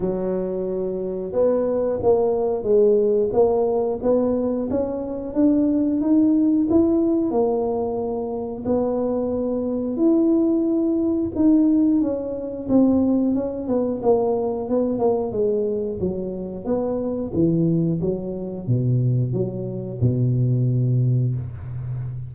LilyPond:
\new Staff \with { instrumentName = "tuba" } { \time 4/4 \tempo 4 = 90 fis2 b4 ais4 | gis4 ais4 b4 cis'4 | d'4 dis'4 e'4 ais4~ | ais4 b2 e'4~ |
e'4 dis'4 cis'4 c'4 | cis'8 b8 ais4 b8 ais8 gis4 | fis4 b4 e4 fis4 | b,4 fis4 b,2 | }